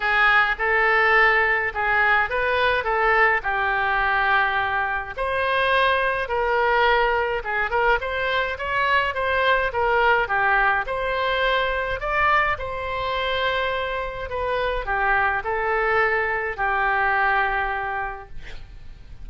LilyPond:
\new Staff \with { instrumentName = "oboe" } { \time 4/4 \tempo 4 = 105 gis'4 a'2 gis'4 | b'4 a'4 g'2~ | g'4 c''2 ais'4~ | ais'4 gis'8 ais'8 c''4 cis''4 |
c''4 ais'4 g'4 c''4~ | c''4 d''4 c''2~ | c''4 b'4 g'4 a'4~ | a'4 g'2. | }